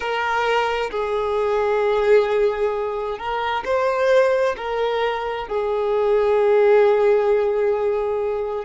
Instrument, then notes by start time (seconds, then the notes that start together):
violin
0.00 A#4
0.90 G#4
3.18 A#4
3.64 C5
4.57 A#4
5.48 G#4